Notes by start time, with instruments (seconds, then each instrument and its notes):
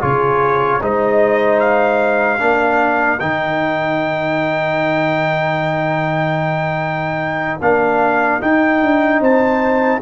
0.00 tuba C#3, trombone F4, horn G#4, trumpet C#5
0.81 tuba G#3, trombone D#4, horn C5, trumpet D#5
1.60 trumpet F5
2.39 tuba A#3, trombone D4, horn A#4
3.19 tuba D#3, trombone D#4, trumpet G5
7.60 tuba A#3, trombone D4, trumpet F5
8.40 trombone D#4, tuba D#4, trumpet G5
8.82 tuba D4
9.20 tuba C4, horn C5, trumpet A5